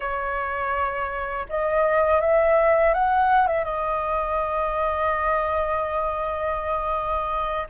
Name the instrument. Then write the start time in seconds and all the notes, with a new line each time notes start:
flute
0.00 C#5
1.49 D#5
2.20 E5
2.94 F#5
3.47 E5
3.64 D#5